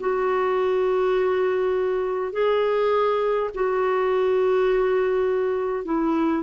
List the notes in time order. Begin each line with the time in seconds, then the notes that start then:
0.00 F#4
2.33 G#4
3.55 F#4
5.84 E4